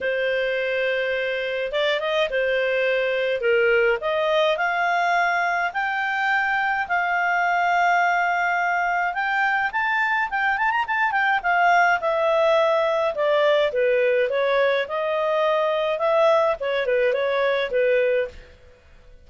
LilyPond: \new Staff \with { instrumentName = "clarinet" } { \time 4/4 \tempo 4 = 105 c''2. d''8 dis''8 | c''2 ais'4 dis''4 | f''2 g''2 | f''1 |
g''4 a''4 g''8 a''16 ais''16 a''8 g''8 | f''4 e''2 d''4 | b'4 cis''4 dis''2 | e''4 cis''8 b'8 cis''4 b'4 | }